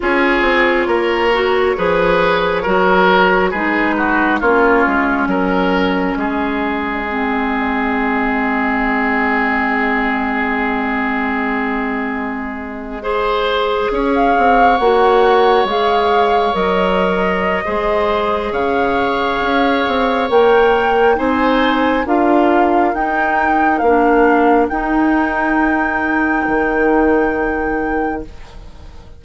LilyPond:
<<
  \new Staff \with { instrumentName = "flute" } { \time 4/4 \tempo 4 = 68 cis''1 | b'4 cis''4 dis''2~ | dis''1~ | dis''1 |
f''8. fis''4 f''4 dis''4~ dis''16~ | dis''4 f''2 g''4 | gis''4 f''4 g''4 f''4 | g''1 | }
  \new Staff \with { instrumentName = "oboe" } { \time 4/4 gis'4 ais'4 b'4 ais'4 | gis'8 fis'8 f'4 ais'4 gis'4~ | gis'1~ | gis'2~ gis'8. c''4 cis''16~ |
cis''1 | c''4 cis''2. | c''4 ais'2.~ | ais'1 | }
  \new Staff \with { instrumentName = "clarinet" } { \time 4/4 f'4. fis'8 gis'4 fis'4 | dis'4 cis'2. | c'1~ | c'2~ c'8. gis'4~ gis'16~ |
gis'8. fis'4 gis'4 ais'4~ ais'16 | gis'2. ais'4 | dis'4 f'4 dis'4 d'4 | dis'1 | }
  \new Staff \with { instrumentName = "bassoon" } { \time 4/4 cis'8 c'8 ais4 f4 fis4 | gis4 ais8 gis8 fis4 gis4~ | gis1~ | gis2.~ gis8. cis'16~ |
cis'16 c'8 ais4 gis4 fis4~ fis16 | gis4 cis4 cis'8 c'8 ais4 | c'4 d'4 dis'4 ais4 | dis'2 dis2 | }
>>